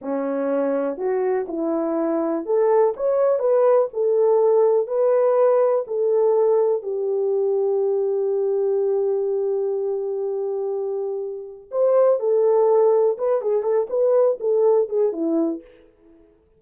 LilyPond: \new Staff \with { instrumentName = "horn" } { \time 4/4 \tempo 4 = 123 cis'2 fis'4 e'4~ | e'4 a'4 cis''4 b'4 | a'2 b'2 | a'2 g'2~ |
g'1~ | g'1 | c''4 a'2 b'8 gis'8 | a'8 b'4 a'4 gis'8 e'4 | }